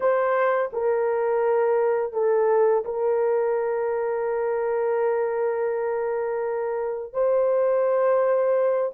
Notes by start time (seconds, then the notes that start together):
0.00 C5
0.72 A#4
2.12 A4
2.84 A#4
7.13 C5